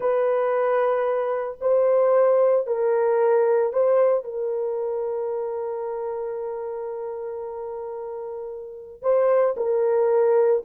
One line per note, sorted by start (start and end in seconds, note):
0.00 1.57 B4
1.60 2.66 C5
2.66 3.72 A#4
3.72 4.24 C5
4.24 9.01 A#4
9.02 9.55 C5
9.56 10.62 A#4